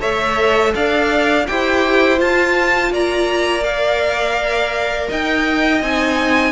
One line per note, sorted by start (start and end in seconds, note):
0.00 0.75 A3
0.00 1.45 A4
0.00 0.72 C#5
0.00 0.73 E5
0.75 1.48 D4
0.75 1.48 D5
0.75 1.47 F5
1.47 2.20 E4
1.47 2.17 G4
1.47 2.92 C5
1.47 2.19 G5
2.17 3.62 F4
2.17 2.91 F4
2.17 2.93 A5
2.91 5.08 A#3
2.91 5.08 D5
2.91 3.64 A#5
3.63 5.80 A#4
3.63 5.08 F5
5.08 5.82 D#4
5.08 6.52 D#5
5.08 5.82 G5
5.82 6.52 C4
5.82 6.52 D#4
5.82 6.52 G#5